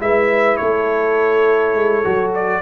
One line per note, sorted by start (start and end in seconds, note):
0.00 0.58 G#3
0.00 2.04 E4
0.00 0.59 B4
0.00 0.57 E5
0.57 1.74 A3
0.57 2.62 A4
0.57 2.31 C#5
1.74 2.03 G#3
2.04 2.62 F#3
2.04 2.62 F#4
2.34 2.62 D5